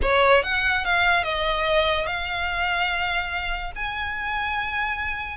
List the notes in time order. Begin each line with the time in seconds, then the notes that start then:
0.02 C#5
0.43 F#5
0.84 F5
1.23 D#5
2.06 F5
3.75 G#5